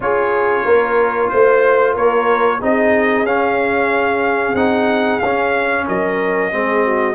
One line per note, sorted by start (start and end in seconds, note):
0.00 0.64 C#4
0.00 2.60 F4
0.00 0.64 G#4
0.00 1.29 C#5
0.64 1.29 A#3
0.64 1.30 A#4
1.29 1.95 A3
1.29 1.94 C5
1.29 1.93 C5
1.93 2.61 A#3
1.93 2.58 A#4
1.93 2.61 C#5
2.59 3.23 C4
2.59 3.26 D#4
2.59 5.85 G#4
2.59 3.26 D#5
3.23 4.53 C#4
3.23 4.55 C#4
3.23 4.55 F5
4.54 5.19 C4
4.54 5.20 D#4
4.54 5.19 F#5
5.19 5.87 C#4
5.19 6.51 C#4
5.19 5.85 F5
5.87 6.52 F#3
5.87 6.52 A#4
5.87 7.14 D#5
6.51 7.14 G#3
6.51 7.14 C4
6.51 6.84 G#4
6.84 7.14 F#4